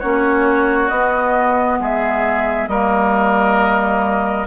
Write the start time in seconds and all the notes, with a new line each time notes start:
0.00 A#3 C#4 F#4 C#5
0.89 B3 D#5
1.80 G#3 G#4 E5
2.68 G3 A#3 A#4 D#5